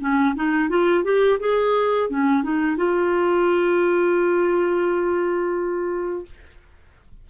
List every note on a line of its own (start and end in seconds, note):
0.00 0.35 C#4
0.35 0.69 D#4
0.69 1.04 F4
1.04 1.39 G4
1.40 2.10 G#4
2.10 2.43 C#4
2.43 2.77 D#4
2.77 6.25 F4